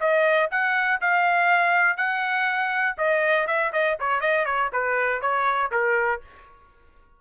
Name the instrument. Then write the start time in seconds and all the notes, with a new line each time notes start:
trumpet
0.00 D#5
0.51 F#5
1.01 F5
1.97 F#5
2.97 D#5
3.47 E5
3.72 D#5
3.99 C#5
4.21 D#5
4.45 C#5
4.73 B4
5.21 C#5
5.71 A#4